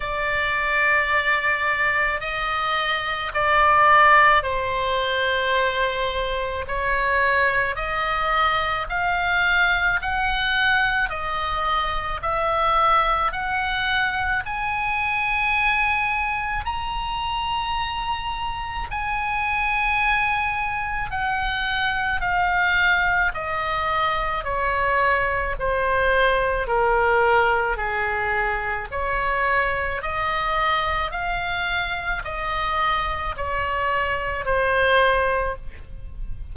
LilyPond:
\new Staff \with { instrumentName = "oboe" } { \time 4/4 \tempo 4 = 54 d''2 dis''4 d''4 | c''2 cis''4 dis''4 | f''4 fis''4 dis''4 e''4 | fis''4 gis''2 ais''4~ |
ais''4 gis''2 fis''4 | f''4 dis''4 cis''4 c''4 | ais'4 gis'4 cis''4 dis''4 | f''4 dis''4 cis''4 c''4 | }